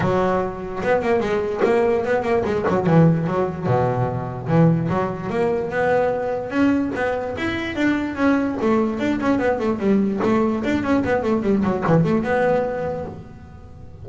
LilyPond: \new Staff \with { instrumentName = "double bass" } { \time 4/4 \tempo 4 = 147 fis2 b8 ais8 gis4 | ais4 b8 ais8 gis8 fis8 e4 | fis4 b,2 e4 | fis4 ais4 b2 |
cis'4 b4 e'4 d'4 | cis'4 a4 d'8 cis'8 b8 a8 | g4 a4 d'8 cis'8 b8 a8 | g8 fis8 e8 a8 b2 | }